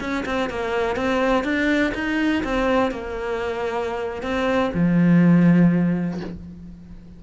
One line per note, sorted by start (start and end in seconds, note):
0.00 0.24 C#4
0.25 0.49 C4
0.49 0.96 A#3
0.96 1.44 C4
1.44 1.93 D4
1.94 2.43 D#4
2.44 2.91 C4
2.91 4.22 A#3
4.22 4.71 C4
4.74 6.20 F3